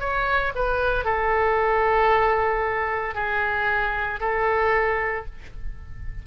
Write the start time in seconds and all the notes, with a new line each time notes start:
0.00 C#5
0.55 B4
1.05 A4
3.14 G#4
4.21 A4